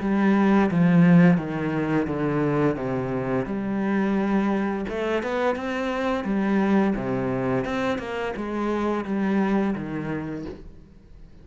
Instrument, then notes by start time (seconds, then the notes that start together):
cello
0.00 G3
0.71 F3
1.37 D#3
2.07 D3
2.76 C3
3.45 G3
4.88 A3
5.22 B3
5.55 C4
6.24 G3
6.95 C3
7.65 C4
7.98 A#3
8.36 G#3
9.04 G3
9.75 D#3